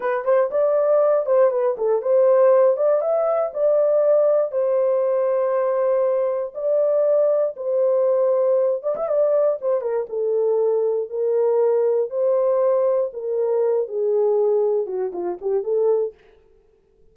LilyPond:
\new Staff \with { instrumentName = "horn" } { \time 4/4 \tempo 4 = 119 b'8 c''8 d''4. c''8 b'8 a'8 | c''4. d''8 e''4 d''4~ | d''4 c''2.~ | c''4 d''2 c''4~ |
c''4. d''16 e''16 d''4 c''8 ais'8 | a'2 ais'2 | c''2 ais'4. gis'8~ | gis'4. fis'8 f'8 g'8 a'4 | }